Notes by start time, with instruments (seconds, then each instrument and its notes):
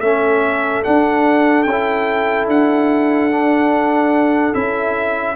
0.00 tuba A3, trombone C#4, horn A4, trumpet E5
0.84 trombone D4, tuba D4, trumpet F#5
1.63 tuba C#4, trumpet G5
1.71 trombone E4
2.47 tuba D4, trumpet F#5
3.31 trombone D4
4.54 tuba C#4, trombone E4, trumpet E5